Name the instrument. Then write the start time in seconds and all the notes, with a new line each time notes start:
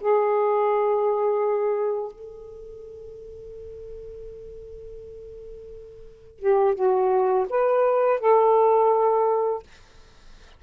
saxophone
0.00 G#4
2.11 A4
6.39 G4
6.74 F#4
7.49 B4
8.19 A4